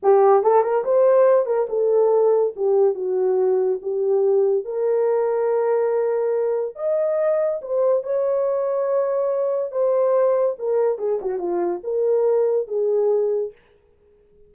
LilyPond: \new Staff \with { instrumentName = "horn" } { \time 4/4 \tempo 4 = 142 g'4 a'8 ais'8 c''4. ais'8 | a'2 g'4 fis'4~ | fis'4 g'2 ais'4~ | ais'1 |
dis''2 c''4 cis''4~ | cis''2. c''4~ | c''4 ais'4 gis'8 fis'8 f'4 | ais'2 gis'2 | }